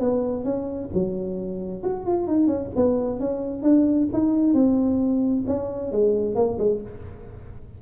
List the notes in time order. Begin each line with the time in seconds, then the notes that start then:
0.00 B3
0.45 C#4
0.94 F#3
1.84 F#4
2.07 F4
2.28 D#4
2.47 C#4
2.76 B3
3.20 C#4
3.63 D4
4.13 D#4
4.54 C4
5.47 C#4
5.92 G#3
6.35 A#3
6.59 G#3